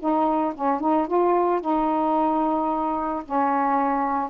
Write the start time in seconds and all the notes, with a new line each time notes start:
0.00 D#4
0.55 C#4
0.81 D#4
1.08 F4
1.61 D#4
3.26 C#4